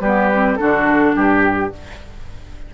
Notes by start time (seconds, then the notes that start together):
0.00 G3 B3 G4 B4
0.32 C4
0.55 D4 F#4 A4
0.61 D3
1.14 G2 G4